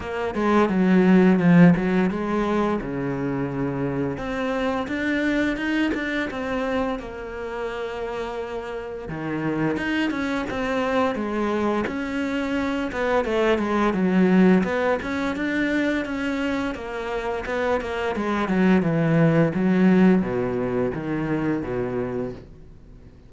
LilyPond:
\new Staff \with { instrumentName = "cello" } { \time 4/4 \tempo 4 = 86 ais8 gis8 fis4 f8 fis8 gis4 | cis2 c'4 d'4 | dis'8 d'8 c'4 ais2~ | ais4 dis4 dis'8 cis'8 c'4 |
gis4 cis'4. b8 a8 gis8 | fis4 b8 cis'8 d'4 cis'4 | ais4 b8 ais8 gis8 fis8 e4 | fis4 b,4 dis4 b,4 | }